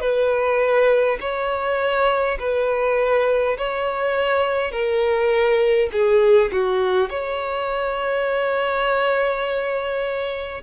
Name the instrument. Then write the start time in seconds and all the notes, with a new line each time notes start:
violin
0.00 B4
1.20 C#5
2.39 B4
3.57 C#5
4.71 A#4
5.92 G#4
6.52 F#4
7.09 C#5